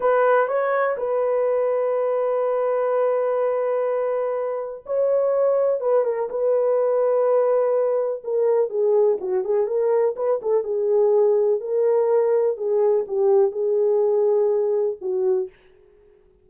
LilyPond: \new Staff \with { instrumentName = "horn" } { \time 4/4 \tempo 4 = 124 b'4 cis''4 b'2~ | b'1~ | b'2 cis''2 | b'8 ais'8 b'2.~ |
b'4 ais'4 gis'4 fis'8 gis'8 | ais'4 b'8 a'8 gis'2 | ais'2 gis'4 g'4 | gis'2. fis'4 | }